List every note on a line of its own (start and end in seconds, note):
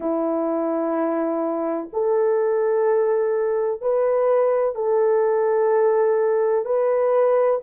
0.00 1.89 E4
1.92 3.81 A4
3.81 4.74 B4
4.74 6.65 A4
6.65 7.60 B4